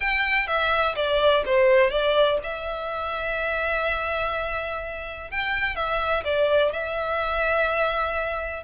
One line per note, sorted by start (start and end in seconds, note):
0.00 0.47 G5
0.47 0.95 E5
0.95 1.43 D5
1.45 1.90 C5
1.90 2.38 D5
2.43 5.30 E5
5.30 5.75 G5
5.75 6.23 E5
6.24 6.72 D5
6.72 8.63 E5